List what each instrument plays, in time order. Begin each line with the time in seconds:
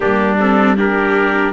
0.00 double bass G3, viola A#3, trumpet D4 G4
0.40 viola C4, trumpet A4
0.76 viola D4, trumpet G4 A#4